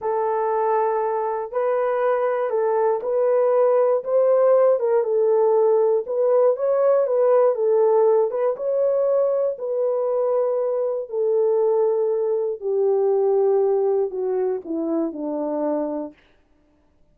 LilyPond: \new Staff \with { instrumentName = "horn" } { \time 4/4 \tempo 4 = 119 a'2. b'4~ | b'4 a'4 b'2 | c''4. ais'8 a'2 | b'4 cis''4 b'4 a'4~ |
a'8 b'8 cis''2 b'4~ | b'2 a'2~ | a'4 g'2. | fis'4 e'4 d'2 | }